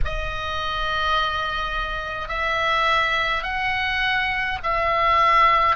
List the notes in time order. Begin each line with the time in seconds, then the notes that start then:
0.04 D#5
2.28 E5
3.43 F#5
4.63 E5